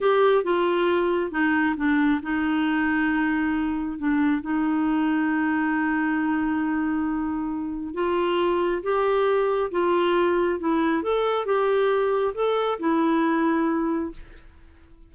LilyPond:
\new Staff \with { instrumentName = "clarinet" } { \time 4/4 \tempo 4 = 136 g'4 f'2 dis'4 | d'4 dis'2.~ | dis'4 d'4 dis'2~ | dis'1~ |
dis'2 f'2 | g'2 f'2 | e'4 a'4 g'2 | a'4 e'2. | }